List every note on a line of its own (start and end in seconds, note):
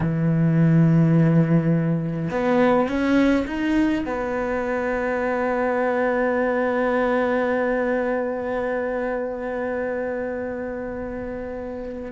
0.00 2.29 E3
2.30 2.88 B3
2.88 3.46 C#4
3.46 4.04 D#4
4.05 12.12 B3